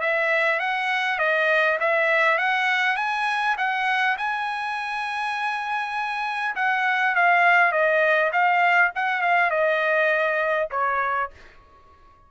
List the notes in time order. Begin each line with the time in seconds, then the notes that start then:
0.00 E5
0.59 F#5
1.19 D#5
1.80 E5
2.38 F#5
2.96 G#5
3.57 F#5
4.17 G#5
6.55 F#5
7.15 F5
7.71 D#5
8.32 F5
8.95 F#5
9.21 F5
9.50 D#5
10.71 C#5